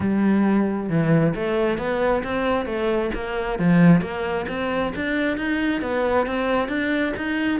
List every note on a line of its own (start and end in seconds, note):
0.00 0.89 G3
0.89 1.34 E3
1.35 1.78 A3
1.78 2.23 B3
2.23 2.65 C4
2.65 3.10 A3
3.14 3.58 A#3
3.58 4.01 F3
4.01 4.46 A#3
4.48 4.93 C4
4.95 5.37 D4
5.37 5.81 D#4
5.81 6.26 B3
6.26 6.68 C4
6.68 7.13 D4
7.16 7.59 D#4